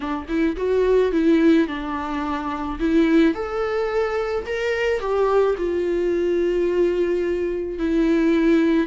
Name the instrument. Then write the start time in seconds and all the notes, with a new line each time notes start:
viola
0.00 D4
0.28 E4
0.56 F#4
1.12 E4
1.67 D4
2.79 E4
3.34 A4
4.45 A#4
5.00 G4
5.57 F4
7.79 E4